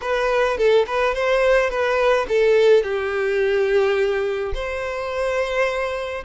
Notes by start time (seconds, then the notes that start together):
0.01 B4
0.57 A4
0.86 B4
1.14 C5
1.70 B4
2.28 A4
2.83 G4
4.54 C5